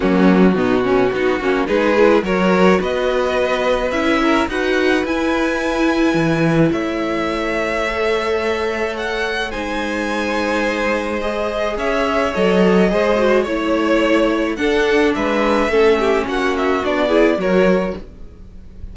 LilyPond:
<<
  \new Staff \with { instrumentName = "violin" } { \time 4/4 \tempo 4 = 107 fis'2. b'4 | cis''4 dis''2 e''4 | fis''4 gis''2. | e''1 |
fis''4 gis''2. | dis''4 e''4 dis''2 | cis''2 fis''4 e''4~ | e''4 fis''8 e''8 d''4 cis''4 | }
  \new Staff \with { instrumentName = "violin" } { \time 4/4 cis'4 dis'8 cis'8 fis'4 gis'4 | ais'4 b'2~ b'8 ais'8 | b'1 | cis''1~ |
cis''4 c''2.~ | c''4 cis''2 c''4 | cis''2 a'4 b'4 | a'8 g'8 fis'4. gis'8 ais'4 | }
  \new Staff \with { instrumentName = "viola" } { \time 4/4 ais4 b8 cis'8 dis'8 cis'8 dis'8 e'8 | fis'2. e'4 | fis'4 e'2.~ | e'2 a'2~ |
a'4 dis'2. | gis'2 a'4 gis'8 fis'8 | e'2 d'2 | cis'2 d'8 e'8 fis'4 | }
  \new Staff \with { instrumentName = "cello" } { \time 4/4 fis4 b,4 b8 ais8 gis4 | fis4 b2 cis'4 | dis'4 e'2 e4 | a1~ |
a4 gis2.~ | gis4 cis'4 fis4 gis4 | a2 d'4 gis4 | a4 ais4 b4 fis4 | }
>>